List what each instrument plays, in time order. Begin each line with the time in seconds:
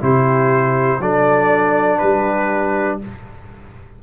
0.00 tuba C3, trombone E4, horn G4, trumpet C5
0.99 tuba F#3, trombone D4, horn A4, trumpet D5
1.98 tuba G3, horn G4, trumpet B4